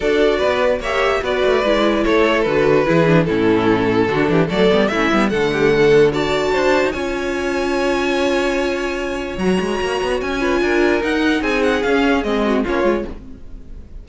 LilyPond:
<<
  \new Staff \with { instrumentName = "violin" } { \time 4/4 \tempo 4 = 147 d''2 e''4 d''4~ | d''4 cis''4 b'2 | a'2. d''4 | e''4 fis''2 a''4~ |
a''4 gis''2.~ | gis''2. ais''4~ | ais''4 gis''2 fis''4 | gis''8 fis''8 f''4 dis''4 cis''4 | }
  \new Staff \with { instrumentName = "violin" } { \time 4/4 a'4 b'4 cis''4 b'4~ | b'4 a'2 gis'4 | e'2 fis'8 g'8 a'4 | e'4 a'8 g'8 a'4 d''4 |
c''4 cis''2.~ | cis''1~ | cis''4. b'8 ais'2 | gis'2~ gis'8 fis'8 f'4 | }
  \new Staff \with { instrumentName = "viola" } { \time 4/4 fis'2 g'4 fis'4 | e'2 fis'4 e'8 d'8 | cis'2 d'4 a8 b8 | cis'8 b8 a2 fis'4~ |
fis'4 f'2.~ | f'2. fis'4~ | fis'4. f'4. dis'4~ | dis'4 cis'4 c'4 cis'8 f'8 | }
  \new Staff \with { instrumentName = "cello" } { \time 4/4 d'4 b4 ais4 b8 a8 | gis4 a4 d4 e4 | a,2 d8 e8 fis8 g8 | a8 g8 d2. |
d'8. dis'16 cis'2.~ | cis'2. fis8 gis8 | ais8 b8 cis'4 d'4 dis'4 | c'4 cis'4 gis4 ais8 gis8 | }
>>